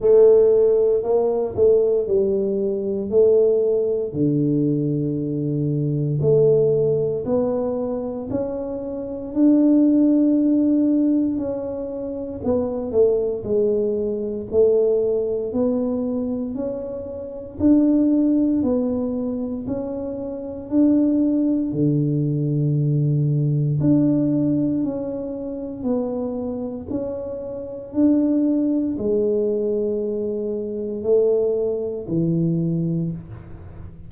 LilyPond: \new Staff \with { instrumentName = "tuba" } { \time 4/4 \tempo 4 = 58 a4 ais8 a8 g4 a4 | d2 a4 b4 | cis'4 d'2 cis'4 | b8 a8 gis4 a4 b4 |
cis'4 d'4 b4 cis'4 | d'4 d2 d'4 | cis'4 b4 cis'4 d'4 | gis2 a4 e4 | }